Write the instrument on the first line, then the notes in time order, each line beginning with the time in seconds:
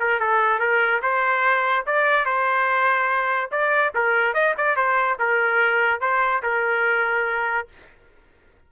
trumpet
0.00 A#4
0.20 A4
0.60 A#4
1.02 C5
1.86 D5
2.25 C5
3.52 D5
3.95 A#4
4.34 D#5
4.58 D5
4.76 C5
5.19 A#4
6.01 C5
6.43 A#4